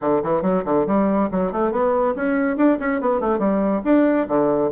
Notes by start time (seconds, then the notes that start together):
0.01 D3
0.23 E3
0.42 F#3
0.64 D3
0.86 G3
1.31 F#3
1.52 A3
1.71 B3
2.15 C#4
2.56 D4
2.79 C#4
3.00 B3
3.20 A3
3.39 G3
3.84 D4
4.28 D3